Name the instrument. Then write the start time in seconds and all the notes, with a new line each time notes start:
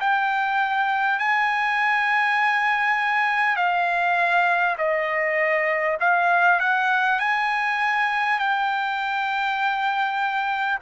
trumpet
0.00 G5
1.19 G#5
3.56 F5
4.78 D#5
6.01 F5
6.60 F#5
7.19 G#5
8.39 G5